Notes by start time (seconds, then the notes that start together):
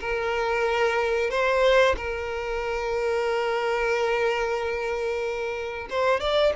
0.00 A#4
1.30 C5
1.97 A#4
5.90 C5
6.20 D5